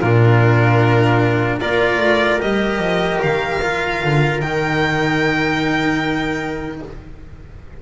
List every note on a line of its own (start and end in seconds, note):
0.00 1.61 A#2
0.00 1.61 D4
0.00 1.60 F4
0.00 1.60 A#4
1.60 1.98 A#3
1.60 2.40 F4
1.60 6.80 A#4
1.60 2.41 D5
1.98 2.38 A3
2.40 2.79 G3
2.40 3.60 G4
2.40 3.21 D#5
2.79 3.19 F3
3.22 4.03 D#3
3.22 4.41 F5
3.63 4.43 F4
4.03 4.41 D3
4.41 6.81 D#3
4.41 6.83 D#4
4.41 6.81 G5